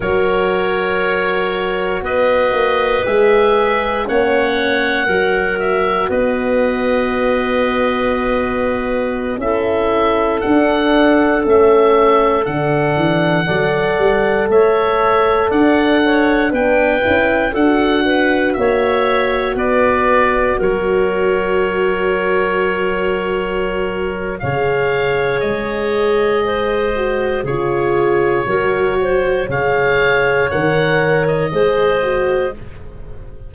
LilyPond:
<<
  \new Staff \with { instrumentName = "oboe" } { \time 4/4 \tempo 4 = 59 cis''2 dis''4 e''4 | fis''4. e''8 dis''2~ | dis''4~ dis''16 e''4 fis''4 e''8.~ | e''16 fis''2 e''4 fis''8.~ |
fis''16 g''4 fis''4 e''4 d''8.~ | d''16 cis''2.~ cis''8. | f''4 dis''2 cis''4~ | cis''4 f''4 fis''8. dis''4~ dis''16 | }
  \new Staff \with { instrumentName = "clarinet" } { \time 4/4 ais'2 b'2 | cis''4 ais'4 b'2~ | b'4~ b'16 a'2~ a'8.~ | a'4~ a'16 d''4 cis''4 d''8 cis''16~ |
cis''16 b'4 a'8 b'8 cis''4 b'8.~ | b'16 ais'2.~ ais'8. | cis''2 c''4 gis'4 | ais'8 c''8 cis''2 c''4 | }
  \new Staff \with { instrumentName = "horn" } { \time 4/4 fis'2. gis'4 | cis'4 fis'2.~ | fis'4~ fis'16 e'4 d'4 cis'8.~ | cis'16 d'4 a'2~ a'8.~ |
a'16 d'8 e'8 fis'2~ fis'8.~ | fis'1 | gis'2~ gis'8 fis'8 f'4 | fis'4 gis'4 ais'4 gis'8 fis'8 | }
  \new Staff \with { instrumentName = "tuba" } { \time 4/4 fis2 b8 ais8 gis4 | ais4 fis4 b2~ | b4~ b16 cis'4 d'4 a8.~ | a16 d8 e8 fis8 g8 a4 d'8.~ |
d'16 b8 cis'8 d'4 ais4 b8.~ | b16 fis2.~ fis8. | cis4 gis2 cis4 | fis4 cis4 dis4 gis4 | }
>>